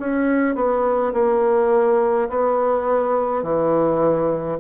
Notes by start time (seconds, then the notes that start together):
0.00 C#4
0.56 B3
1.14 A#3
2.30 B3
3.43 E3